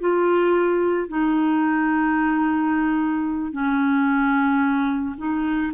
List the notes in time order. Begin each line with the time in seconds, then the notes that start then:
0.00 F4
1.08 D#4
3.52 C#4
5.18 D#4